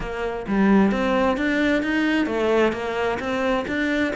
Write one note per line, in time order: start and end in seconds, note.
0.00 0.46 A#3
0.47 0.91 G3
0.91 1.37 C4
1.37 1.82 D4
1.82 2.26 D#4
2.26 2.72 A3
2.72 3.18 A#3
3.19 3.65 C4
3.67 4.13 D4